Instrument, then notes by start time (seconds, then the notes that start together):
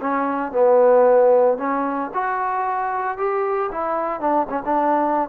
trombone
0.00 C#4
0.52 B3
1.57 C#4
2.13 F#4
3.17 G4
3.71 E4
4.20 D4
4.49 C#4
4.65 D4